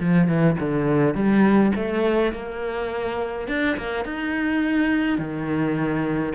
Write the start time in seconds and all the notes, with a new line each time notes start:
0.00 F3
0.28 E3
0.60 D3
1.14 G3
1.75 A3
2.32 A#3
3.47 D4
3.77 A#3
4.05 D#4
5.18 D#3